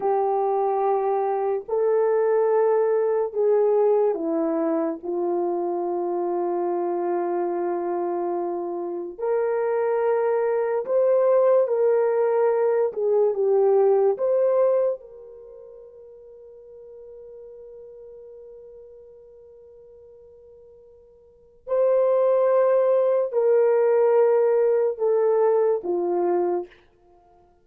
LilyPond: \new Staff \with { instrumentName = "horn" } { \time 4/4 \tempo 4 = 72 g'2 a'2 | gis'4 e'4 f'2~ | f'2. ais'4~ | ais'4 c''4 ais'4. gis'8 |
g'4 c''4 ais'2~ | ais'1~ | ais'2 c''2 | ais'2 a'4 f'4 | }